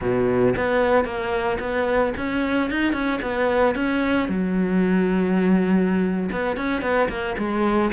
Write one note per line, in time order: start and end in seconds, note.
0.01 0.55 B2
0.56 1.04 B3
1.04 1.58 A#3
1.59 2.13 B3
2.17 2.70 C#4
2.70 2.92 D#4
2.92 3.19 C#4
3.21 3.75 B3
3.75 4.28 C#4
4.28 6.29 F#3
6.31 6.56 B3
6.56 6.81 C#4
6.81 7.08 B3
7.08 7.35 A#3
7.38 7.91 G#3